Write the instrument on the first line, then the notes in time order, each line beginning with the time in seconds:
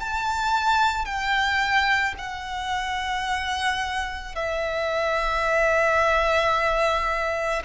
violin
0.00 A5
1.05 G5
2.18 F#5
4.35 E5